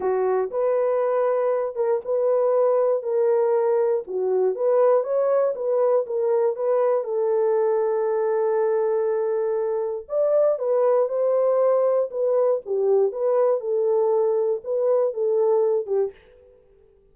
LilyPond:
\new Staff \with { instrumentName = "horn" } { \time 4/4 \tempo 4 = 119 fis'4 b'2~ b'8 ais'8 | b'2 ais'2 | fis'4 b'4 cis''4 b'4 | ais'4 b'4 a'2~ |
a'1 | d''4 b'4 c''2 | b'4 g'4 b'4 a'4~ | a'4 b'4 a'4. g'8 | }